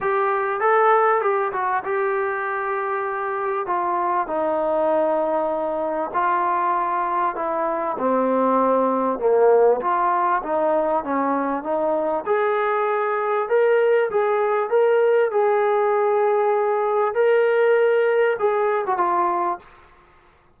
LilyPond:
\new Staff \with { instrumentName = "trombone" } { \time 4/4 \tempo 4 = 98 g'4 a'4 g'8 fis'8 g'4~ | g'2 f'4 dis'4~ | dis'2 f'2 | e'4 c'2 ais4 |
f'4 dis'4 cis'4 dis'4 | gis'2 ais'4 gis'4 | ais'4 gis'2. | ais'2 gis'8. fis'16 f'4 | }